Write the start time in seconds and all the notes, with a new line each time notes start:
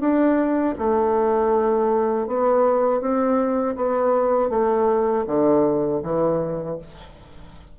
0.00 D4
0.78 A3
2.27 B3
3.01 C4
3.76 B3
4.50 A3
5.27 D3
6.03 E3